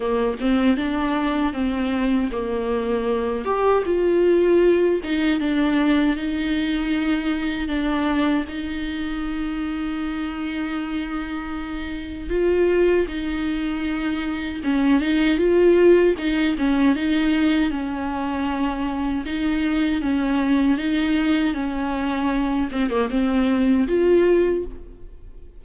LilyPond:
\new Staff \with { instrumentName = "viola" } { \time 4/4 \tempo 4 = 78 ais8 c'8 d'4 c'4 ais4~ | ais8 g'8 f'4. dis'8 d'4 | dis'2 d'4 dis'4~ | dis'1 |
f'4 dis'2 cis'8 dis'8 | f'4 dis'8 cis'8 dis'4 cis'4~ | cis'4 dis'4 cis'4 dis'4 | cis'4. c'16 ais16 c'4 f'4 | }